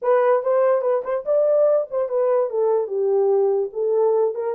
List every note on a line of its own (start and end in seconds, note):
0.02 0.43 B4
0.43 0.81 C5
0.81 1.02 B4
1.03 1.24 C5
1.25 1.87 D5
1.90 2.08 C5
2.08 2.50 B4
2.50 2.87 A4
2.87 3.69 G4
3.72 4.34 A4
4.34 4.55 A#4